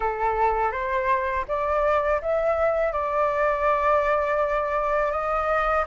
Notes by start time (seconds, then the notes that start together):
0.00 A4
0.71 C5
1.48 D5
2.22 E5
2.92 D5
5.11 D#5